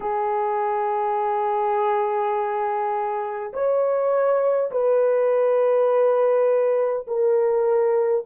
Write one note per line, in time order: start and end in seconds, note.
0.00 3.52 G#4
3.53 4.71 C#5
4.71 7.06 B4
7.06 8.24 A#4